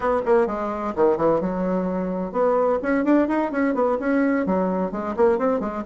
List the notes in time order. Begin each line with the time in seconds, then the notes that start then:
0.00 B3
0.25 A#3
0.47 G#3
0.95 D#3
1.17 E3
1.40 F#3
2.32 B3
2.82 C#4
3.04 D4
3.28 D#4
3.51 C#4
3.74 B3
3.99 C#4
4.45 F#3
4.91 G#3
5.16 A#3
5.38 C4
5.60 G#3